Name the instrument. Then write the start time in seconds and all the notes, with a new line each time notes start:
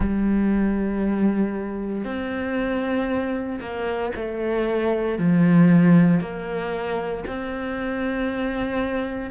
cello
0.00 G3
2.04 C4
3.60 A#3
4.15 A3
5.18 F3
6.20 A#3
7.27 C4